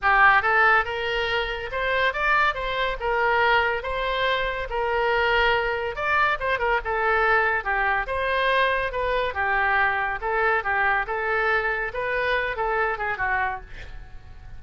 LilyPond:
\new Staff \with { instrumentName = "oboe" } { \time 4/4 \tempo 4 = 141 g'4 a'4 ais'2 | c''4 d''4 c''4 ais'4~ | ais'4 c''2 ais'4~ | ais'2 d''4 c''8 ais'8 |
a'2 g'4 c''4~ | c''4 b'4 g'2 | a'4 g'4 a'2 | b'4. a'4 gis'8 fis'4 | }